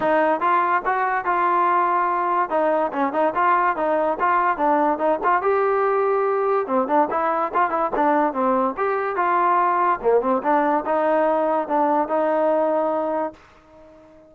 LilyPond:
\new Staff \with { instrumentName = "trombone" } { \time 4/4 \tempo 4 = 144 dis'4 f'4 fis'4 f'4~ | f'2 dis'4 cis'8 dis'8 | f'4 dis'4 f'4 d'4 | dis'8 f'8 g'2. |
c'8 d'8 e'4 f'8 e'8 d'4 | c'4 g'4 f'2 | ais8 c'8 d'4 dis'2 | d'4 dis'2. | }